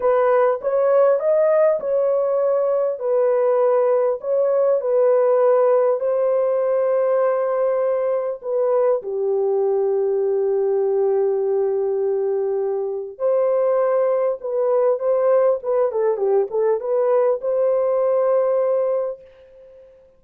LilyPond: \new Staff \with { instrumentName = "horn" } { \time 4/4 \tempo 4 = 100 b'4 cis''4 dis''4 cis''4~ | cis''4 b'2 cis''4 | b'2 c''2~ | c''2 b'4 g'4~ |
g'1~ | g'2 c''2 | b'4 c''4 b'8 a'8 g'8 a'8 | b'4 c''2. | }